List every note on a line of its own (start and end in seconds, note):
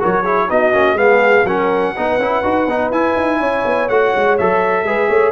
0.00 0.50 F#3
0.00 0.24 F#4
0.00 0.22 A#4
0.00 0.50 C#5
0.22 0.49 E4
0.22 0.46 G#4
0.49 0.75 B3
0.49 0.73 D#4
0.49 0.98 F#4
0.49 0.98 D#5
0.73 0.94 A#3
0.73 0.97 C#4
0.94 1.42 G#3
0.94 1.45 B3
0.94 1.46 G#4
0.94 1.46 F5
1.44 1.92 F#3
1.44 1.95 C#4
1.44 1.94 A#4
1.44 2.91 F#5
1.96 2.18 B3
1.96 2.20 D#4
1.96 3.40 B4
2.18 2.42 C#4
2.18 2.43 E4
2.43 2.67 D#4
2.43 2.67 F#4
2.67 2.91 B3
2.67 2.93 D#4
2.91 3.15 E4
2.91 3.90 E4
2.91 3.89 G#5
3.16 3.40 D#4
3.40 3.65 C#4
3.40 4.85 C#5
3.65 3.89 B3
3.89 4.13 A3
3.89 4.39 F#4
3.89 4.37 F#5
4.15 4.40 G#3
4.38 4.84 F#3
4.38 4.86 A4
4.38 5.32 E5
4.84 5.08 G#3
4.84 5.32 G#4
4.84 5.09 B4
5.09 5.32 A3
5.09 5.32 C#5